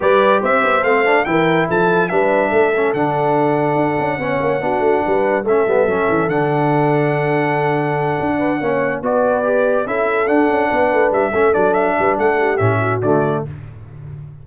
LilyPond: <<
  \new Staff \with { instrumentName = "trumpet" } { \time 4/4 \tempo 4 = 143 d''4 e''4 f''4 g''4 | a''4 e''2 fis''4~ | fis''1~ | fis''4 e''2 fis''4~ |
fis''1~ | fis''4. d''2 e''8~ | e''8 fis''2 e''4 d''8 | e''4 fis''4 e''4 d''4 | }
  \new Staff \with { instrumentName = "horn" } { \time 4/4 b'4 c''2 ais'4 | a'4 b'4 a'2~ | a'2 cis''4 fis'4 | b'4 a'2.~ |
a'1 | b'8 cis''4 b'2 a'8~ | a'4. b'4. a'4~ | a'8 b'8 a'8 g'4 fis'4. | }
  \new Staff \with { instrumentName = "trombone" } { \time 4/4 g'2 c'8 d'8 e'4~ | e'4 d'4. cis'8 d'4~ | d'2 cis'4 d'4~ | d'4 cis'8 b8 cis'4 d'4~ |
d'1~ | d'8 cis'4 fis'4 g'4 e'8~ | e'8 d'2~ d'8 cis'8 d'8~ | d'2 cis'4 a4 | }
  \new Staff \with { instrumentName = "tuba" } { \time 4/4 g4 c'8 b8 a4 e4 | f4 g4 a4 d4~ | d4 d'8 cis'8 b8 ais8 b8 a8 | g4 a8 g8 fis8 e8 d4~ |
d2.~ d8 d'8~ | d'8 ais4 b2 cis'8~ | cis'8 d'8 cis'8 b8 a8 g8 a8 fis8~ | fis8 g8 a4 a,4 d4 | }
>>